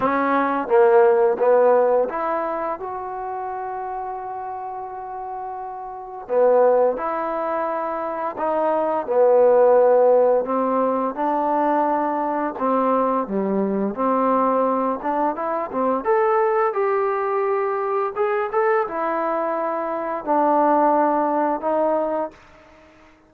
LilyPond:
\new Staff \with { instrumentName = "trombone" } { \time 4/4 \tempo 4 = 86 cis'4 ais4 b4 e'4 | fis'1~ | fis'4 b4 e'2 | dis'4 b2 c'4 |
d'2 c'4 g4 | c'4. d'8 e'8 c'8 a'4 | g'2 gis'8 a'8 e'4~ | e'4 d'2 dis'4 | }